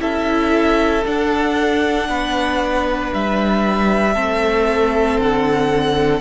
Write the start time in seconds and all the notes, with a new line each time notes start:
0.00 C#4 E4 A4 E5
1.06 D4 F#5
2.09 B3 B4
3.14 G3 E5
4.14 A3 C4 A4
5.19 D3 F#5